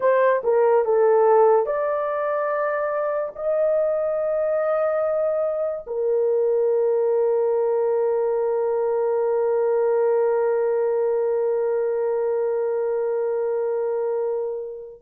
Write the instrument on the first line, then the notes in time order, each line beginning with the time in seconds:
horn
0.00 C5
0.43 A#4
0.84 A4
1.66 D5
3.35 D#5
5.86 A#4